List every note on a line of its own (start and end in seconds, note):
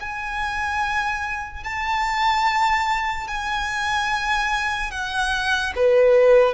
0.00 1.64 G#5
1.64 3.28 A5
3.28 4.91 G#5
4.91 5.73 F#5
5.76 6.54 B4